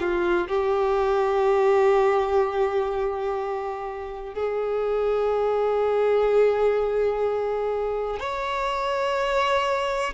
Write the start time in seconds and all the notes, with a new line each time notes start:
0.00 F4
0.48 G4
4.35 G#4
8.20 C#5